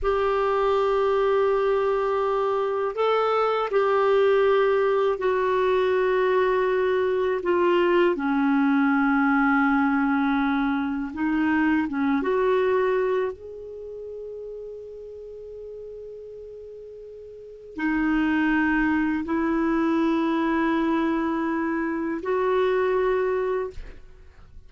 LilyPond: \new Staff \with { instrumentName = "clarinet" } { \time 4/4 \tempo 4 = 81 g'1 | a'4 g'2 fis'4~ | fis'2 f'4 cis'4~ | cis'2. dis'4 |
cis'8 fis'4. gis'2~ | gis'1 | dis'2 e'2~ | e'2 fis'2 | }